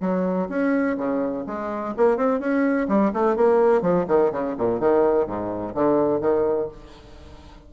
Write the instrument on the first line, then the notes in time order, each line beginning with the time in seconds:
bassoon
0.00 F#3
0.49 C#4
0.97 C#3
1.46 G#3
1.97 A#3
2.17 C4
2.40 C#4
2.88 G3
3.13 A3
3.36 A#3
3.81 F3
4.07 D#3
4.32 C#3
4.58 A#2
4.79 D#3
5.26 G#2
5.74 D3
6.20 D#3